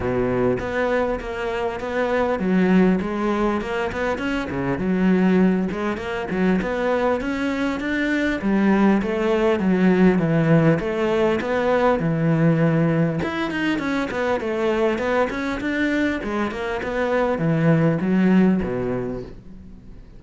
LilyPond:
\new Staff \with { instrumentName = "cello" } { \time 4/4 \tempo 4 = 100 b,4 b4 ais4 b4 | fis4 gis4 ais8 b8 cis'8 cis8 | fis4. gis8 ais8 fis8 b4 | cis'4 d'4 g4 a4 |
fis4 e4 a4 b4 | e2 e'8 dis'8 cis'8 b8 | a4 b8 cis'8 d'4 gis8 ais8 | b4 e4 fis4 b,4 | }